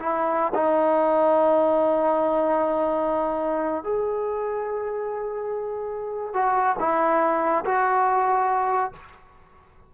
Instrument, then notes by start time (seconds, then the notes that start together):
trombone
0.00 E4
0.55 D#4
3.84 G#4
6.34 F#4
6.80 E4
7.65 F#4